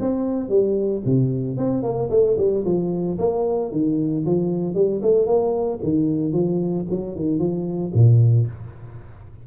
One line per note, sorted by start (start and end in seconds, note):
0.00 0.49 C4
0.49 1.02 G3
1.05 1.57 C3
1.57 1.83 C4
1.83 2.09 A#3
2.10 2.37 A3
2.37 2.64 G3
2.65 3.18 F3
3.19 3.72 A#3
3.72 4.25 D#3
4.25 4.74 F3
4.74 5.01 G3
5.02 5.26 A3
5.26 5.79 A#3
5.83 6.33 D#3
6.33 6.86 F3
6.90 7.16 F#3
7.16 7.39 D#3
7.39 7.92 F3
7.94 8.47 A#2